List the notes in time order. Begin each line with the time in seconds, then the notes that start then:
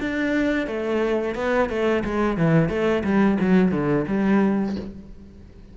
0.00 D4
0.67 A3
1.35 B3
1.69 A3
2.04 G#3
2.37 E3
2.69 A3
3.03 G3
3.40 F#3
3.71 D3
4.07 G3